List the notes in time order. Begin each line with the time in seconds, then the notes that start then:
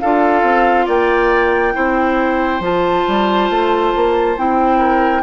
0.00 D4 F4 A4 F5
0.43 C4
0.86 A#3 D5 G5
1.74 C4 E4 C5
2.60 F3 F4 A5
3.08 G3
3.50 A3
3.95 A#3
4.37 C4 E4 G5
4.78 A#4